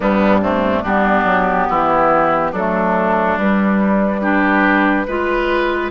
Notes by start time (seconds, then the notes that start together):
0.00 G2 G3 B3 D4
0.41 A3 C4
0.83 G3 B3 D4 G4
1.24 F#3
1.69 E3 E4
2.51 F#3 A3 D4 A4
3.36 G3 B4
4.21 D4 G4
5.07 G#3 F4 B4